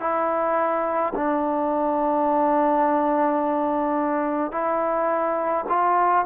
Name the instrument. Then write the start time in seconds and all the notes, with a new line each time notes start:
trombone
0.00 E4
1.15 D4
4.51 E4
5.69 F4